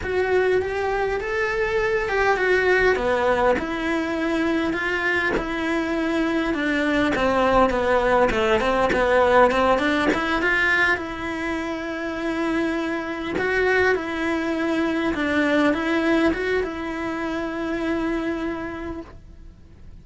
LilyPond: \new Staff \with { instrumentName = "cello" } { \time 4/4 \tempo 4 = 101 fis'4 g'4 a'4. g'8 | fis'4 b4 e'2 | f'4 e'2 d'4 | c'4 b4 a8 c'8 b4 |
c'8 d'8 e'8 f'4 e'4.~ | e'2~ e'8 fis'4 e'8~ | e'4. d'4 e'4 fis'8 | e'1 | }